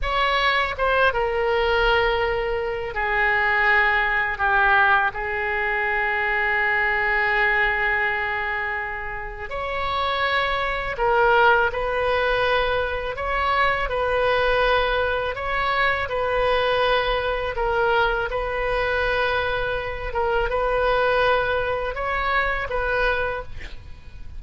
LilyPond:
\new Staff \with { instrumentName = "oboe" } { \time 4/4 \tempo 4 = 82 cis''4 c''8 ais'2~ ais'8 | gis'2 g'4 gis'4~ | gis'1~ | gis'4 cis''2 ais'4 |
b'2 cis''4 b'4~ | b'4 cis''4 b'2 | ais'4 b'2~ b'8 ais'8 | b'2 cis''4 b'4 | }